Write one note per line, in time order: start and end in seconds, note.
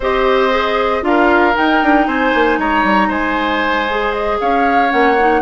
0.00 1.02 C4
0.00 0.50 G4
0.00 1.03 C5
0.00 1.04 D#5
0.50 1.01 G#4
1.01 1.54 D4
1.01 1.53 F4
1.01 2.07 A#4
1.01 1.56 F5
1.54 3.86 D#4
1.54 1.82 D#4
1.54 2.07 G5
1.82 2.06 D4
2.06 2.32 C4
2.06 2.59 C5
2.06 2.59 G#5
2.33 2.58 A#3
2.58 2.83 G#3
2.58 3.08 C#5
2.58 3.11 A#5
2.83 3.09 G3
3.08 4.38 G#3
3.08 4.37 C5
3.08 4.12 G#5
3.89 4.89 G#4
4.12 4.37 D#5
4.40 4.92 C#4
4.40 5.41 C#5
4.40 4.91 F5
4.89 5.41 A#3
4.89 5.15 C#4
4.89 5.41 F#5
5.19 5.41 D#4